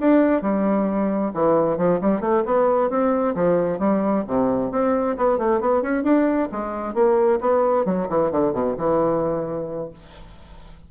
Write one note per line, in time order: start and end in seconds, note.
0.00 0.41 D4
0.41 1.32 G3
1.34 1.77 E3
1.77 2.00 F3
2.01 2.20 G3
2.20 2.43 A3
2.45 2.90 B3
2.90 3.35 C4
3.35 3.79 F3
3.79 4.24 G3
4.27 4.71 C3
4.71 5.16 C4
5.17 5.38 B3
5.38 5.60 A3
5.60 5.82 B3
5.82 6.03 C#4
6.03 6.48 D4
6.52 6.94 G#3
6.94 7.39 A#3
7.40 7.85 B3
7.85 8.08 F#3
8.09 8.31 E3
8.31 8.53 D3
8.53 8.75 B2
8.77 9.90 E3